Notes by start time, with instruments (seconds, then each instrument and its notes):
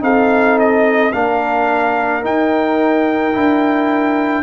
0.00 tuba C4, trombone D#4, horn A4, trumpet F5
0.59 trumpet D#5
1.12 tuba A#3, trombone D4, horn A#4, trumpet F5
2.22 trombone D#4, tuba D#4, trumpet G5
3.33 tuba D4, trombone E4